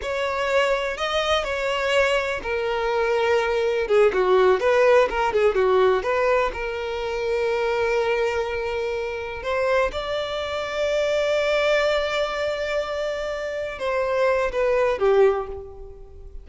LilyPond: \new Staff \with { instrumentName = "violin" } { \time 4/4 \tempo 4 = 124 cis''2 dis''4 cis''4~ | cis''4 ais'2. | gis'8 fis'4 b'4 ais'8 gis'8 fis'8~ | fis'8 b'4 ais'2~ ais'8~ |
ais'2.~ ais'8 c''8~ | c''8 d''2.~ d''8~ | d''1~ | d''8 c''4. b'4 g'4 | }